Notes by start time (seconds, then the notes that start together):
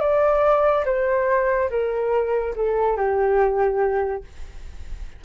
0.00 D5
0.85 C5
1.70 A#4
2.55 A4
2.97 G4